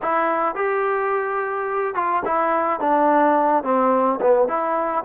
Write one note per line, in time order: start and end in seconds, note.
0.02 0.55 E4
0.55 1.94 G4
1.94 2.23 F4
2.25 2.80 E4
2.80 3.63 D4
3.63 4.19 C4
4.21 4.47 B3
4.47 5.03 E4